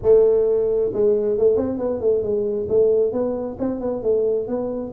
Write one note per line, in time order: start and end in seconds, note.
0.02 0.92 A3
0.93 1.37 G#3
1.38 1.56 A3
1.56 1.78 C4
1.78 2.00 B3
2.00 2.22 A3
2.22 2.67 G#3
2.68 3.12 A3
3.12 3.57 B3
3.59 3.80 C4
3.80 4.02 B3
4.03 4.47 A3
4.47 4.92 B3